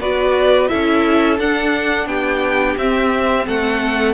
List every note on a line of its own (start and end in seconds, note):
0.00 0.69 B3
0.00 0.68 F#4
0.00 0.70 B4
0.00 0.68 D5
0.68 1.39 C#4
0.68 1.37 E4
0.68 2.08 A4
0.68 1.37 E5
1.39 2.06 D4
1.39 2.78 D4
1.39 2.07 F#5
2.06 2.75 B3
2.06 3.46 G4
2.06 2.76 G5
2.77 3.46 C4
2.77 4.14 C4
2.77 3.47 E5
3.46 4.14 A3
3.46 4.14 A4
3.46 4.14 F#5